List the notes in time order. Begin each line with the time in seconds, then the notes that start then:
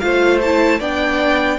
0.00 A3 F4 C5 F5
0.42 E4 A5
0.80 B3 D4 D5 G5